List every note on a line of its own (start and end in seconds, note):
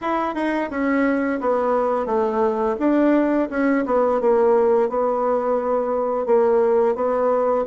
0.01 0.35 E4
0.35 0.69 D#4
0.70 1.40 C#4
1.40 2.06 B3
2.06 2.76 A3
2.79 3.49 D4
3.50 3.85 C#4
3.85 4.20 B3
4.21 4.89 A#3
4.89 6.26 B3
6.26 6.95 A#3
6.95 7.64 B3